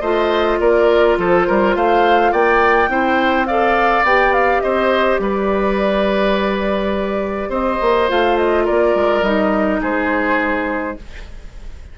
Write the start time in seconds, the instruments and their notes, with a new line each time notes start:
0.00 bassoon A3, clarinet F4, oboe C5, flute D#5
0.59 bassoon A#3, oboe A#4, flute D5
1.18 bassoon F3, oboe A4, flute C5
1.46 bassoon G3, oboe A#4
1.75 bassoon A3, oboe C5, flute F5
2.31 bassoon A#3, oboe D5, flute G5
2.88 bassoon C4, clarinet E4, oboe C5
3.46 clarinet A4, oboe D5, flute F5
4.03 bassoon B3, clarinet G4, flute G5
4.33 flute F5
4.60 bassoon C4, oboe C5, flute D#5
5.19 bassoon G3, oboe B4, flute D5
7.48 bassoon C4, oboe C5, flute D#5
7.81 bassoon A#3
8.08 bassoon A3, clarinet F4, flute F5
8.37 flute D#5
8.64 bassoon A#3, oboe A#4, flute D5
8.94 bassoon G#3
9.22 bassoon G3, clarinet D#4, flute D#5
9.81 bassoon G#3, oboe G#4, flute C5